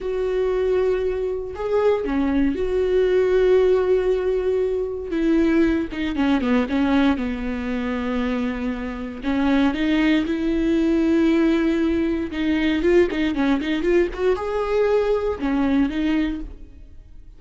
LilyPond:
\new Staff \with { instrumentName = "viola" } { \time 4/4 \tempo 4 = 117 fis'2. gis'4 | cis'4 fis'2.~ | fis'2 e'4. dis'8 | cis'8 b8 cis'4 b2~ |
b2 cis'4 dis'4 | e'1 | dis'4 f'8 dis'8 cis'8 dis'8 f'8 fis'8 | gis'2 cis'4 dis'4 | }